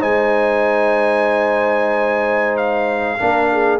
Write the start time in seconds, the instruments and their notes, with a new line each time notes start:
0.00 tuba G#3, trombone D#4, horn C5, trumpet G#5
2.57 trumpet F5
3.19 tuba A#3, trombone D4, horn A#4
3.53 horn G#4